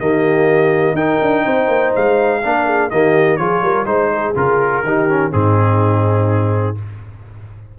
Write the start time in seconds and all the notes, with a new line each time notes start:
0.00 D#3 A#3 G4 D#5
0.93 D#4 A#4 G5
1.21 D4
1.45 C4 C5
1.68 A#3
1.95 G#3 F5
2.43 A#3 D4 A#4
2.66 G#4
2.90 D#3 A#3 G4 D#5
3.37 F3 F4 G#4 C#5
3.62 G3 A#4
3.86 G#3 D#4 C5
4.14 G#4
4.35 C#3 F4 A#4
4.83 D#3 D#4 G4
5.09 C#4
5.31 G#2 C4 D#4 G#4